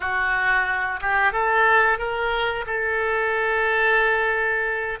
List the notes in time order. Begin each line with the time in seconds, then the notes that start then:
0.00 F#4
1.01 G4
1.32 A4
1.98 A#4
2.66 A4